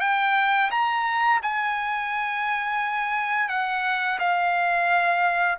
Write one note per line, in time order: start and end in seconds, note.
0.00 0.70 G5
0.70 1.40 A#5
1.42 3.49 G#5
3.49 4.18 F#5
4.19 5.58 F5